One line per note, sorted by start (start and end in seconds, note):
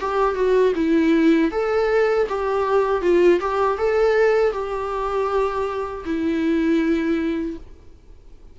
0.00 0.35 G4
0.35 0.72 F#4
0.75 1.51 E4
1.51 2.27 A4
2.28 3.01 G4
3.01 3.39 F4
3.40 3.78 G4
3.78 4.52 A4
4.52 6.04 G4
6.04 7.56 E4